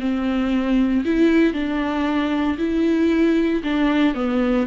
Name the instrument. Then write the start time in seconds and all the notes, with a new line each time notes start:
viola
0.00 C4
1.05 E4
1.53 D4
2.58 E4
3.64 D4
4.15 B3